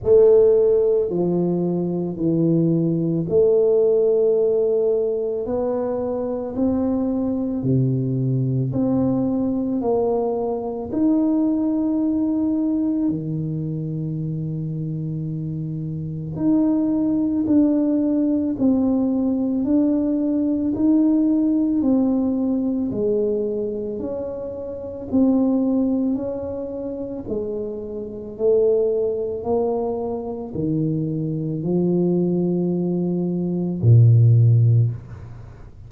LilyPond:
\new Staff \with { instrumentName = "tuba" } { \time 4/4 \tempo 4 = 55 a4 f4 e4 a4~ | a4 b4 c'4 c4 | c'4 ais4 dis'2 | dis2. dis'4 |
d'4 c'4 d'4 dis'4 | c'4 gis4 cis'4 c'4 | cis'4 gis4 a4 ais4 | dis4 f2 ais,4 | }